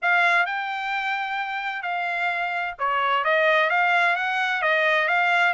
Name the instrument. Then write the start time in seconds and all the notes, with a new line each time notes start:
trumpet
0.02 F5
0.46 G5
1.82 F5
2.78 C#5
3.24 D#5
3.70 F5
4.16 F#5
4.62 D#5
5.07 F5